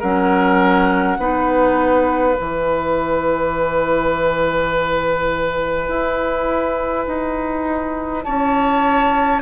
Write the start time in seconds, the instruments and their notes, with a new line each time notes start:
0.00 bassoon F#3, clarinet C#4, oboe A#4, flute F#5
1.19 bassoon B3, clarinet D#4, oboe B4
2.35 bassoon E3, clarinet E4, flute G#5
5.89 bassoon E4
7.07 bassoon D#4
8.23 bassoon C#4, oboe C#5, flute A5